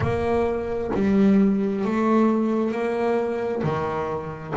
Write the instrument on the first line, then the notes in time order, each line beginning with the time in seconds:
double bass
0.00 A#3
0.93 G3
1.84 A3
2.71 A#3
3.63 D#3